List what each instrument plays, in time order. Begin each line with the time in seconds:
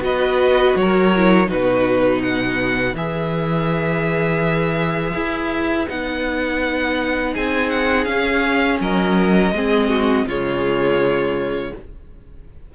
0.00 cello B3, viola F#4, violin B4 D#5
0.75 cello F#3, violin A#4 C#5
1.16 viola E4
1.46 cello B2, viola D#4, violin F#4 B4
2.21 violin B4 F#5
2.93 cello E3, viola G#4, violin E5
5.14 cello E4
5.88 cello B3, viola D#4, violin F#5
7.33 cello C4, violin G#4 G#5
7.69 violin F#5
8.04 cello C#4, viola C#4, violin F5
8.80 cello F#3, violin A#4 D#5
9.51 cello G#3, viola C4, violin G#4
9.89 violin F#4
10.25 cello C#3, viola G#3, violin F4 C#5